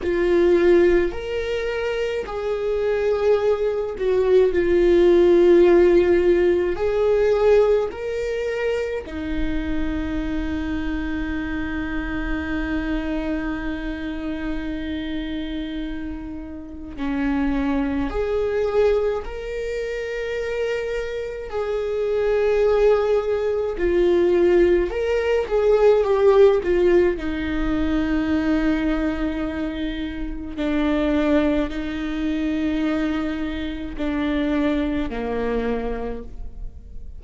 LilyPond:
\new Staff \with { instrumentName = "viola" } { \time 4/4 \tempo 4 = 53 f'4 ais'4 gis'4. fis'8 | f'2 gis'4 ais'4 | dis'1~ | dis'2. cis'4 |
gis'4 ais'2 gis'4~ | gis'4 f'4 ais'8 gis'8 g'8 f'8 | dis'2. d'4 | dis'2 d'4 ais4 | }